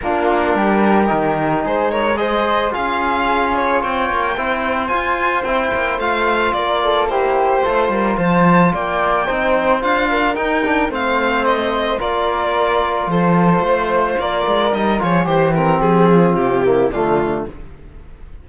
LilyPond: <<
  \new Staff \with { instrumentName = "violin" } { \time 4/4 \tempo 4 = 110 ais'2. c''8 cis''8 | dis''4 f''4. cis''8 g''4~ | g''4 gis''4 g''4 f''4 | d''4 c''2 a''4 |
g''2 f''4 g''4 | f''4 dis''4 d''2 | c''2 d''4 dis''8 cis''8 | c''8 ais'8 gis'4 g'4 f'4 | }
  \new Staff \with { instrumentName = "flute" } { \time 4/4 f'4 g'2 gis'8 ais'8 | c''4 gis'2 cis''4 | c''1 | ais'8 a'8 g'4 a'8 ais'8 c''4 |
d''4 c''4. ais'4. | c''2 ais'2 | a'4 c''4 ais'4. gis'8 | g'4. f'4 e'8 d'4 | }
  \new Staff \with { instrumentName = "trombone" } { \time 4/4 d'2 dis'2 | gis'4 f'2. | e'4 f'4 e'4 f'4~ | f'4 e'4 f'2~ |
f'4 dis'4 f'4 dis'8 d'8 | c'2 f'2~ | f'2. dis'8 f'8 | g'8 c'2 ais8 a4 | }
  \new Staff \with { instrumentName = "cello" } { \time 4/4 ais4 g4 dis4 gis4~ | gis4 cis'2 c'8 ais8 | c'4 f'4 c'8 ais8 a4 | ais2 a8 g8 f4 |
ais4 c'4 d'4 dis'4 | a2 ais2 | f4 a4 ais8 gis8 g8 f8 | e4 f4 c4 d4 | }
>>